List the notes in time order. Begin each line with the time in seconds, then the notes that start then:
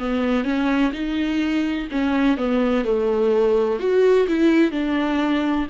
0.00 B3
0.44 C#4
0.93 D#4
1.91 C#4
2.38 B3
2.85 A3
3.80 F#4
4.28 E4
4.72 D4